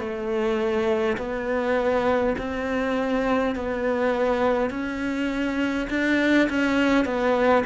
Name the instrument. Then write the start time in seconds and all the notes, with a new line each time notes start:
cello
0.00 A3
1.18 B3
2.39 C4
3.56 B3
4.71 C#4
5.90 D4
6.50 C#4
7.05 B3